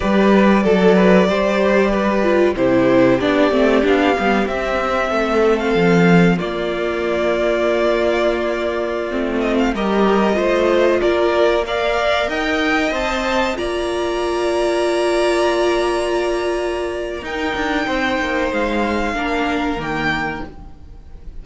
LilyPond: <<
  \new Staff \with { instrumentName = "violin" } { \time 4/4 \tempo 4 = 94 d''1 | c''4 d''4 f''4 e''4~ | e''8. f''4~ f''16 d''2~ | d''2~ d''8. dis''16 f''16 dis''8.~ |
dis''4~ dis''16 d''4 f''4 g''8.~ | g''16 a''4 ais''2~ ais''8.~ | ais''2. g''4~ | g''4 f''2 g''4 | }
  \new Staff \with { instrumentName = "violin" } { \time 4/4 b'4 a'8 b'8 c''4 b'4 | g'1 | a'2 f'2~ | f'2.~ f'16 ais'8.~ |
ais'16 c''4 ais'4 d''4 dis''8.~ | dis''4~ dis''16 d''2~ d''8.~ | d''2. ais'4 | c''2 ais'2 | }
  \new Staff \with { instrumentName = "viola" } { \time 4/4 g'4 a'4 g'4. f'8 | e'4 d'8 c'8 d'8 b8 c'4~ | c'2 ais2~ | ais2~ ais16 c'4 g'8.~ |
g'16 f'2 ais'4.~ ais'16~ | ais'16 c''4 f'2~ f'8.~ | f'2. dis'4~ | dis'2 d'4 ais4 | }
  \new Staff \with { instrumentName = "cello" } { \time 4/4 g4 fis4 g2 | c4 b8 a8 b8 g8 c'4 | a4 f4 ais2~ | ais2~ ais16 a4 g8.~ |
g16 a4 ais2 dis'8.~ | dis'16 c'4 ais2~ ais8.~ | ais2. dis'8 d'8 | c'8 ais8 gis4 ais4 dis4 | }
>>